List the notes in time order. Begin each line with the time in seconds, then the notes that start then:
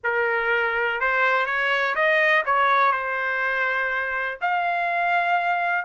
0.03 A#4
1.00 C5
1.45 C#5
1.95 D#5
2.45 C#5
2.92 C5
4.41 F5